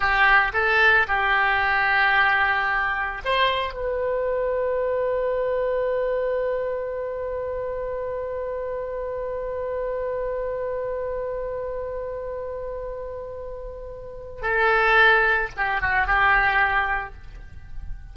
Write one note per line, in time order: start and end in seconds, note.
0.00 0.52 G4
0.53 1.06 A4
1.07 3.21 G4
3.24 3.73 C5
3.73 14.42 B4
14.42 15.49 A4
15.56 15.81 G4
15.81 16.06 F#4
16.06 17.14 G4